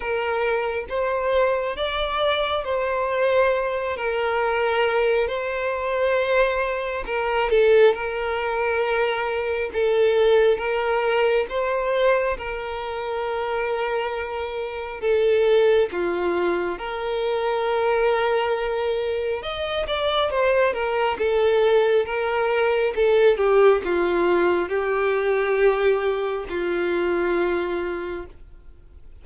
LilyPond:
\new Staff \with { instrumentName = "violin" } { \time 4/4 \tempo 4 = 68 ais'4 c''4 d''4 c''4~ | c''8 ais'4. c''2 | ais'8 a'8 ais'2 a'4 | ais'4 c''4 ais'2~ |
ais'4 a'4 f'4 ais'4~ | ais'2 dis''8 d''8 c''8 ais'8 | a'4 ais'4 a'8 g'8 f'4 | g'2 f'2 | }